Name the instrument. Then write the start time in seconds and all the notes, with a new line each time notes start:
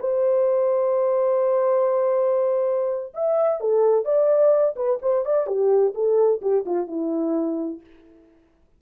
horn
0.00 C5
3.14 E5
3.61 A4
4.05 D5
4.76 B4
5.02 C5
5.25 D5
5.47 G4
5.95 A4
6.42 G4
6.66 F4
6.88 E4